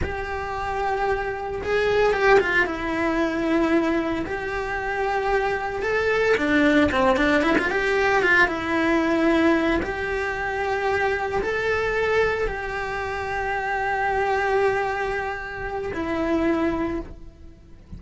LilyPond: \new Staff \with { instrumentName = "cello" } { \time 4/4 \tempo 4 = 113 g'2. gis'4 | g'8 f'8 e'2. | g'2. a'4 | d'4 c'8 d'8 e'16 f'16 g'4 f'8 |
e'2~ e'8 g'4.~ | g'4. a'2 g'8~ | g'1~ | g'2 e'2 | }